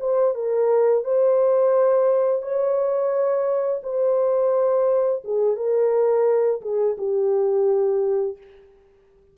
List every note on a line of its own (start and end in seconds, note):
0.00 0.35 C5
0.35 1.05 A#4
1.05 2.42 C5
2.42 3.82 C#5
3.83 5.23 C5
5.24 5.57 G#4
5.57 6.61 A#4
6.62 6.97 G#4
6.98 8.38 G4